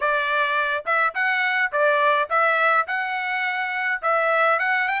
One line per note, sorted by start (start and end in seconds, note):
0.00 0.84 D5
0.85 1.14 E5
1.14 1.71 F#5
1.72 2.29 D5
2.29 2.86 E5
2.87 4.01 F#5
4.02 4.59 E5
4.59 4.88 F#5
4.88 5.00 G5